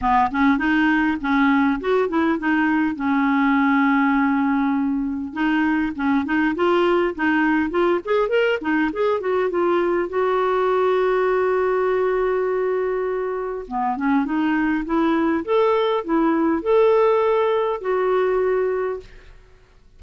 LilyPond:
\new Staff \with { instrumentName = "clarinet" } { \time 4/4 \tempo 4 = 101 b8 cis'8 dis'4 cis'4 fis'8 e'8 | dis'4 cis'2.~ | cis'4 dis'4 cis'8 dis'8 f'4 | dis'4 f'8 gis'8 ais'8 dis'8 gis'8 fis'8 |
f'4 fis'2.~ | fis'2. b8 cis'8 | dis'4 e'4 a'4 e'4 | a'2 fis'2 | }